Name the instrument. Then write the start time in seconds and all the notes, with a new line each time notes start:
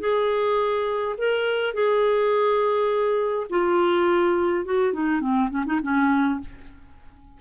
clarinet
0.00 G#4
1.18 A#4
1.74 G#4
3.50 F4
4.65 F#4
4.93 D#4
5.21 C4
5.50 C#4
5.66 D#4
5.82 C#4